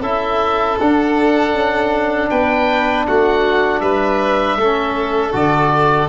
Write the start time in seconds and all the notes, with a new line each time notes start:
0.00 C#4 E4 A4 E5
0.80 D4 F#5
1.54 C#4
2.30 B3 B4 G5
3.07 A3 F#4 F#5
3.80 G3 B4 E5
4.57 A3 C#4 A4
5.32 D3 F#4 D5